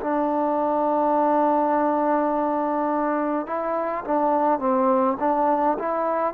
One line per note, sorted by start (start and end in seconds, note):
0.00 3.46 D4
3.46 4.04 E4
4.04 4.59 D4
4.59 5.17 C4
5.19 5.77 D4
5.78 6.34 E4